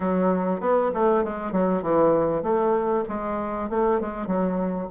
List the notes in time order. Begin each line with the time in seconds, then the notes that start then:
0.00 F#3
0.60 B3
0.94 A3
1.24 G#3
1.51 F#3
1.82 E3
2.42 A3
3.08 G#3
3.69 A3
4.00 G#3
4.26 F#3